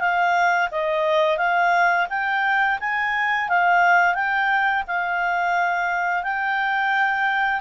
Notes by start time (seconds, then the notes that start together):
0.00 F5
0.71 D#5
1.38 F5
2.10 G5
2.80 G#5
3.49 F5
4.14 G5
4.87 F5
6.23 G5